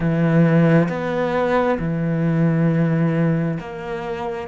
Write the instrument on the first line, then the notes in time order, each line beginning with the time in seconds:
cello
0.00 E3
0.88 B3
1.79 E3
3.59 A#3